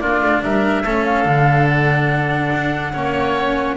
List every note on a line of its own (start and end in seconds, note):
0.00 0.22 A#3
0.00 0.85 D4
0.00 0.43 F4
0.00 0.42 D5
0.22 0.43 A3
0.43 0.85 G3
0.43 0.83 A#4
0.43 1.05 E5
0.83 1.25 A3
0.83 1.25 C#4
0.83 2.93 A4
1.05 1.68 F5
1.25 2.51 D3
1.25 2.93 D4
1.68 3.77 F#5
2.53 2.95 D4
2.93 3.77 A#3
2.93 3.77 C#4
2.93 3.77 C#5